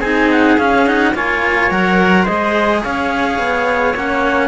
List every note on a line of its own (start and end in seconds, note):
0.00 0.57 C4
0.00 0.58 D#4
0.00 1.12 G#4
0.00 0.28 G#5
0.30 0.58 F#5
0.58 0.86 C#4
0.58 1.14 C#4
0.58 0.86 F5
0.86 1.14 D#4
0.86 1.14 F#5
1.14 1.70 A#3
1.14 1.70 F4
1.14 2.23 C#5
1.14 1.71 G#5
1.70 2.26 F#3
1.70 2.26 A#4
1.70 2.25 F#5
2.23 2.84 G#3
2.23 3.94 G#4
2.23 2.79 C5
2.23 2.82 D#5
2.82 3.38 C#4
2.82 4.48 C#5
2.82 3.94 F5
3.38 3.94 B3
3.94 4.48 A#3
3.94 4.48 C#4
3.94 4.48 F#5